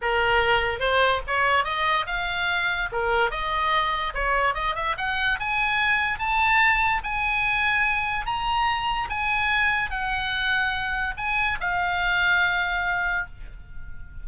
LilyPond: \new Staff \with { instrumentName = "oboe" } { \time 4/4 \tempo 4 = 145 ais'2 c''4 cis''4 | dis''4 f''2 ais'4 | dis''2 cis''4 dis''8 e''8 | fis''4 gis''2 a''4~ |
a''4 gis''2. | ais''2 gis''2 | fis''2. gis''4 | f''1 | }